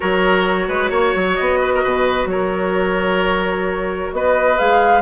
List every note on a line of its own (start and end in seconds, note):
0.00 0.68 F#3
0.00 4.57 F#4
0.00 0.67 A#4
0.00 1.35 C#5
0.68 0.90 G#3
0.68 0.90 B4
0.90 1.13 A#3
0.90 1.59 C#5
1.15 1.38 F#3
1.35 1.84 B3
1.35 2.26 D#5
1.61 1.72 B4
1.74 1.83 A#4
1.83 2.25 B2
1.83 2.28 B4
2.25 4.08 F#3
2.25 4.14 A#4
2.25 4.12 C#5
4.12 4.58 B3
4.12 5.01 B4
4.12 4.58 D#5
4.58 5.01 G#3
4.58 5.01 G#4
4.58 5.01 F5